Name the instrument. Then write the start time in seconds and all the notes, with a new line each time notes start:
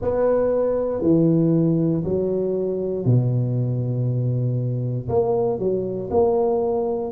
tuba
0.01 B3
1.02 E3
2.03 F#3
3.05 B2
5.08 A#3
5.58 F#3
6.10 A#3